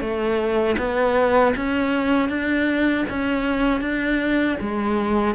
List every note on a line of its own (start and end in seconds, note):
0.00 0.76 A3
0.78 1.54 B3
1.56 2.29 C#4
2.29 3.05 D4
3.10 3.81 C#4
3.81 4.57 D4
4.61 5.35 G#3